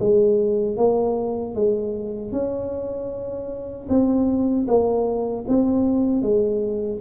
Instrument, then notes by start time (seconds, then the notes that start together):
tuba
0.00 G#3
0.77 A#3
1.55 G#3
2.32 C#4
3.89 C4
4.68 A#3
5.48 C4
6.22 G#3